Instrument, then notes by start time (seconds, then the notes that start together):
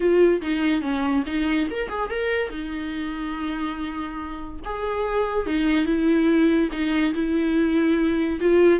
viola
0.00 F4
0.41 D#4
0.81 C#4
1.26 D#4
1.70 A#4
1.89 G#4
2.10 A#4
2.50 D#4
4.64 G#4
5.46 D#4
5.85 E4
6.71 D#4
7.13 E4
8.40 F4